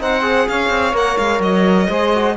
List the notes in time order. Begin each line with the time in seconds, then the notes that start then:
0.00 C4 D#4 C5 F#5
0.22 G#4
0.48 C#4 C#5 F5
0.69 C4
0.93 A#3 A#4 F#5
1.17 G#3 F5
1.40 F#3 D#5
1.88 G#3 G#4 C5
2.14 F#4